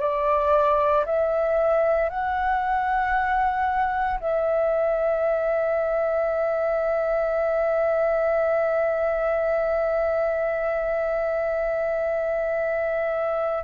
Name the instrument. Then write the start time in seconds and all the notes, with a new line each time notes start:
flute
0.00 D5
1.06 E5
2.10 F#5
4.21 E5